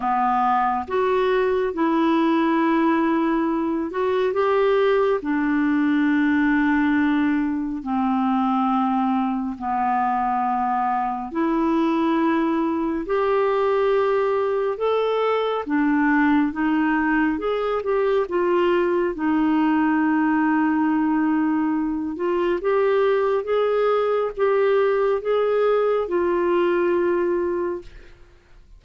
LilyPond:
\new Staff \with { instrumentName = "clarinet" } { \time 4/4 \tempo 4 = 69 b4 fis'4 e'2~ | e'8 fis'8 g'4 d'2~ | d'4 c'2 b4~ | b4 e'2 g'4~ |
g'4 a'4 d'4 dis'4 | gis'8 g'8 f'4 dis'2~ | dis'4. f'8 g'4 gis'4 | g'4 gis'4 f'2 | }